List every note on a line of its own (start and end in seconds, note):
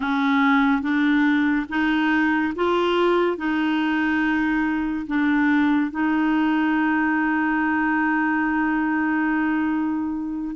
0.00 0.82 C#4
0.82 1.66 D4
1.69 2.53 D#4
2.55 3.37 F4
3.37 5.06 D#4
5.07 5.90 D4
5.90 10.55 D#4